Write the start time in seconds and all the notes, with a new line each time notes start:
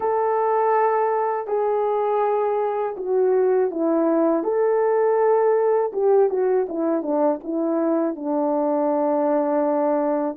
0.00 A4
1.47 G#4
2.96 F#4
3.70 E4
4.43 A4
5.93 G4
6.29 F#4
6.69 E4
7.02 D4
7.43 E4
8.15 D4